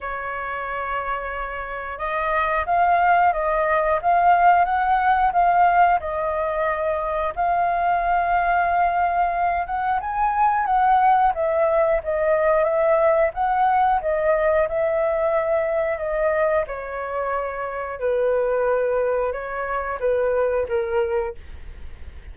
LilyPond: \new Staff \with { instrumentName = "flute" } { \time 4/4 \tempo 4 = 90 cis''2. dis''4 | f''4 dis''4 f''4 fis''4 | f''4 dis''2 f''4~ | f''2~ f''8 fis''8 gis''4 |
fis''4 e''4 dis''4 e''4 | fis''4 dis''4 e''2 | dis''4 cis''2 b'4~ | b'4 cis''4 b'4 ais'4 | }